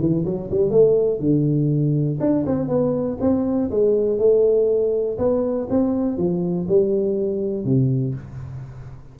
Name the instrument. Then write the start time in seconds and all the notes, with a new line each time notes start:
tuba
0.00 E3
0.25 F#3
0.51 G3
0.71 A3
1.20 D3
2.20 D4
2.47 C4
2.68 B3
3.21 C4
3.71 G#3
4.19 A3
5.18 B3
5.70 C4
6.17 F3
6.69 G3
7.65 C3